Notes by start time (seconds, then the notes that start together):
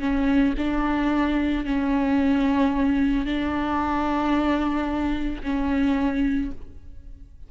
0.00 C#4
0.57 D4
1.65 C#4
3.26 D4
5.43 C#4